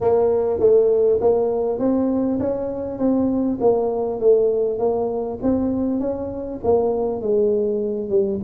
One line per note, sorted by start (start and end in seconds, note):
0.00 0.59 A#3
0.59 1.19 A3
1.20 1.78 A#3
1.78 2.38 C4
2.39 2.98 C#4
2.98 3.58 C4
3.60 4.20 A#3
4.20 4.78 A3
4.78 5.38 A#3
5.42 5.99 C4
5.99 6.59 C#4
6.63 7.21 A#3
7.21 8.09 G#3
8.09 8.39 G3